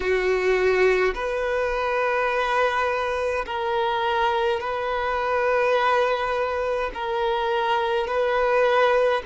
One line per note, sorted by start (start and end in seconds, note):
0.00 1.14 F#4
1.14 3.45 B4
3.46 4.59 A#4
4.59 6.90 B4
6.93 8.07 A#4
8.07 9.22 B4